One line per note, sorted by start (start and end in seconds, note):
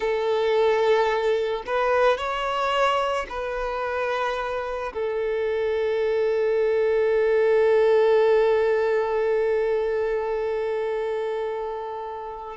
0.00 1.63 A4
1.66 2.17 B4
2.17 3.26 C#5
3.29 4.92 B4
4.93 12.57 A4